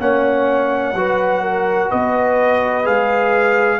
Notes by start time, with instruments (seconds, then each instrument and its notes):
0.00 tuba A#3, trombone C#4, horn C#5, trumpet F#5
0.93 tuba F#3, trombone F#4, horn B4
1.42 horn A#4
1.89 tuba B3, horn B4, trumpet D#5
2.84 tuba G#3, trombone G#4, trumpet F5